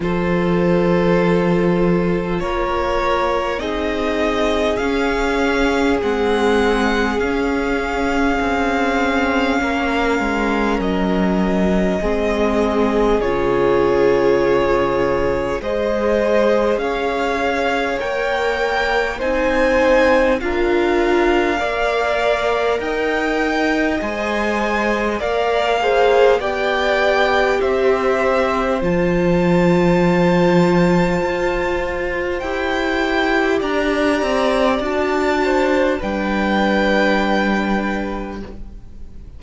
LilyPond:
<<
  \new Staff \with { instrumentName = "violin" } { \time 4/4 \tempo 4 = 50 c''2 cis''4 dis''4 | f''4 fis''4 f''2~ | f''4 dis''2 cis''4~ | cis''4 dis''4 f''4 g''4 |
gis''4 f''2 g''4 | gis''4 f''4 g''4 e''4 | a''2. g''4 | ais''4 a''4 g''2 | }
  \new Staff \with { instrumentName = "violin" } { \time 4/4 a'2 ais'4 gis'4~ | gis'1 | ais'2 gis'2~ | gis'4 c''4 cis''2 |
c''4 ais'4 d''4 dis''4~ | dis''4 d''8 c''8 d''4 c''4~ | c''1 | d''4. c''8 b'2 | }
  \new Staff \with { instrumentName = "viola" } { \time 4/4 f'2. dis'4 | cis'4 c'4 cis'2~ | cis'2 c'4 f'4~ | f'4 gis'2 ais'4 |
dis'4 f'4 ais'2 | c''4 ais'8 gis'8 g'2 | f'2. g'4~ | g'4 fis'4 d'2 | }
  \new Staff \with { instrumentName = "cello" } { \time 4/4 f2 ais4 c'4 | cis'4 gis4 cis'4 c'4 | ais8 gis8 fis4 gis4 cis4~ | cis4 gis4 cis'4 ais4 |
c'4 d'4 ais4 dis'4 | gis4 ais4 b4 c'4 | f2 f'4 e'4 | d'8 c'8 d'4 g2 | }
>>